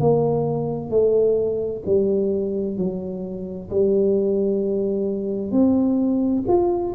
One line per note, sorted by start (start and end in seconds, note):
0.00 0.90 A#3
0.90 1.82 A3
1.85 2.77 G3
2.77 3.69 F#3
3.70 5.51 G3
5.51 6.43 C4
6.47 6.94 F4